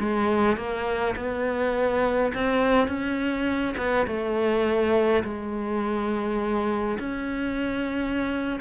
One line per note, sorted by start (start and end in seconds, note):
0.00 0.57 G#3
0.57 1.15 A#3
1.17 2.33 B3
2.35 2.88 C4
2.88 3.75 C#4
3.78 4.07 B3
4.08 5.24 A3
5.24 6.99 G#3
7.00 8.60 C#4